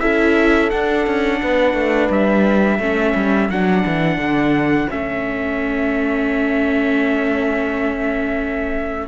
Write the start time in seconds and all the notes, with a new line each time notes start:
0.00 C#4 E4 A4 E5
0.70 D4 F#5
1.07 C#4
1.42 B3 B4
1.74 A3
2.10 G3 E5
2.79 A3 C#4 A4
3.15 G3
3.49 F#3 D4 F#5
3.86 E3
4.17 D3
4.89 A3 C#4 E5